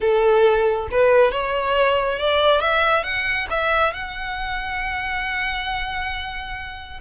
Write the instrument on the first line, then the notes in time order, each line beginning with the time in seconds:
violin
0.00 A4
0.91 B4
1.31 C#5
2.18 D5
2.60 E5
3.03 F#5
3.50 E5
3.93 F#5